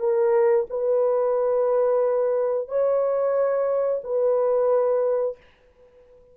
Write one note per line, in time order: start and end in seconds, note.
0.00 0.67 A#4
0.70 2.68 B4
2.68 4.02 C#5
4.04 5.37 B4